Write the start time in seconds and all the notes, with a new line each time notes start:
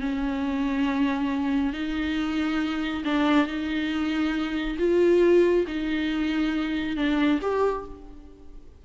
0.00 C#4
1.73 D#4
3.04 D4
3.46 D#4
4.78 F4
5.67 D#4
6.96 D4
7.41 G4